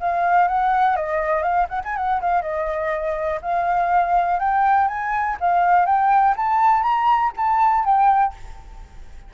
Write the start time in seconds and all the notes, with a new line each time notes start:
0.00 F5
0.48 F#5
0.96 D#5
1.42 F5
1.69 F#5
1.84 G#5
1.96 F#5
2.21 F5
2.42 D#5
3.42 F5
4.39 G5
4.88 G#5
5.40 F5
5.85 G5
6.36 A5
6.82 A#5
7.36 A5
7.84 G5